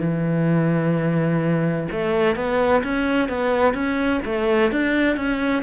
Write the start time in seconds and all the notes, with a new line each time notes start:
0.00 E3
1.92 A3
2.36 B3
2.83 C#4
3.29 B3
3.74 C#4
4.25 A3
4.72 D4
5.16 C#4